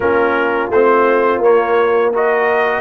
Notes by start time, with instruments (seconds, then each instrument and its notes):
0.00 tuba A#3, trombone C#4, horn F4, trumpet A#4
0.69 tuba A3, trombone C4, trumpet C5
1.38 tuba A#3, trombone A#3, trumpet C#5
2.12 trombone F#4, horn A#4, trumpet D#5